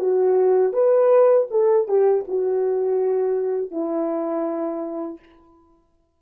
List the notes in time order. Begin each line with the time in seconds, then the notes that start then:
0.00 F#4
0.73 B4
1.51 A4
1.88 G4
2.28 F#4
3.71 E4